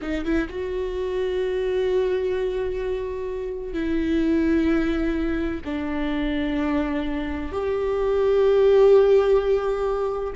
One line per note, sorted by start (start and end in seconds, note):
0.01 0.24 D#4
0.24 0.48 E4
0.49 3.73 F#4
3.73 5.60 E4
5.64 7.51 D4
7.51 10.33 G4